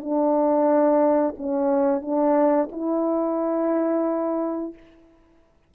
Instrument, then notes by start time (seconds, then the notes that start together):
horn
0.00 D4
1.37 C#4
2.02 D4
2.71 E4